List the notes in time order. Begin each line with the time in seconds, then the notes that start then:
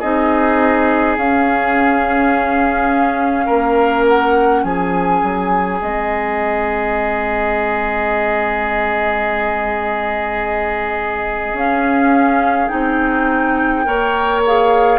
0.00 C4 D#4 G#4 D#5
1.17 C#4 F5
3.46 A#3 A#4
4.08 F#5
4.63 F3 G#4 G#5
5.23 F#3
5.82 G#3 C4 D#5
11.53 C#4 F5
12.69 C4 D#4 G5
13.85 A#3 A#4 C#5
14.47 G#4 F5